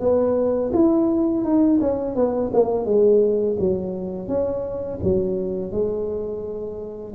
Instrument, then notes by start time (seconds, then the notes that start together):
tuba
0.00 B3
0.73 E4
1.44 D#4
1.81 C#4
2.15 B3
2.53 A#3
2.85 G#3
3.59 F#3
4.28 C#4
5.03 F#3
5.71 G#3